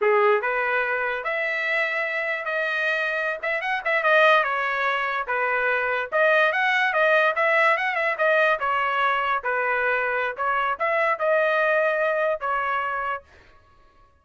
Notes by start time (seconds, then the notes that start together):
0.01 G#4
0.41 B4
1.24 E5
2.45 D#5
3.42 E5
3.61 F#5
3.84 E5
4.03 D#5
4.43 C#5
5.27 B4
6.11 D#5
6.52 F#5
6.93 D#5
7.35 E5
7.77 F#5
7.95 E5
8.17 D#5
8.59 C#5
9.43 B4
10.36 C#5
10.79 E5
11.18 D#5
12.40 C#5